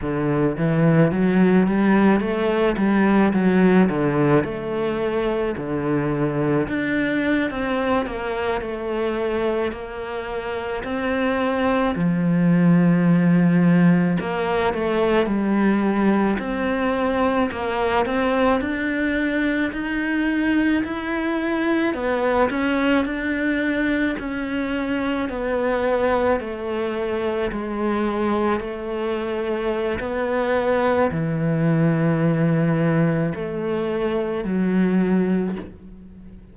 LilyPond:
\new Staff \with { instrumentName = "cello" } { \time 4/4 \tempo 4 = 54 d8 e8 fis8 g8 a8 g8 fis8 d8 | a4 d4 d'8. c'8 ais8 a16~ | a8. ais4 c'4 f4~ f16~ | f8. ais8 a8 g4 c'4 ais16~ |
ais16 c'8 d'4 dis'4 e'4 b16~ | b16 cis'8 d'4 cis'4 b4 a16~ | a8. gis4 a4~ a16 b4 | e2 a4 fis4 | }